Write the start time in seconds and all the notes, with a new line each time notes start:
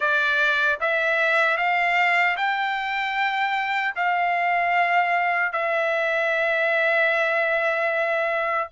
0.00 D5
0.80 E5
1.57 F5
2.36 G5
3.95 F5
5.52 E5